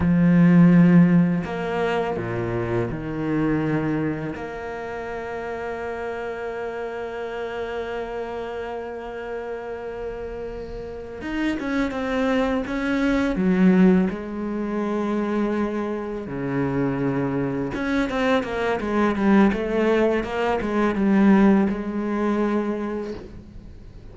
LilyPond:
\new Staff \with { instrumentName = "cello" } { \time 4/4 \tempo 4 = 83 f2 ais4 ais,4 | dis2 ais2~ | ais1~ | ais2.~ ais8 dis'8 |
cis'8 c'4 cis'4 fis4 gis8~ | gis2~ gis8 cis4.~ | cis8 cis'8 c'8 ais8 gis8 g8 a4 | ais8 gis8 g4 gis2 | }